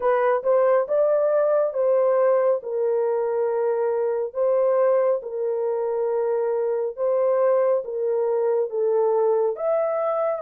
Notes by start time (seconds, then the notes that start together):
0.00 B4
0.43 C5
0.87 D5
1.74 C5
2.62 A#4
4.33 C5
5.22 A#4
6.96 C5
7.84 A#4
8.70 A4
9.56 E5